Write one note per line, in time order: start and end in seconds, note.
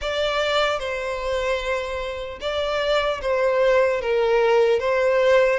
0.01 0.79 D5
0.79 2.39 C5
2.40 3.20 D5
3.21 4.01 C5
4.01 4.79 A#4
4.79 5.59 C5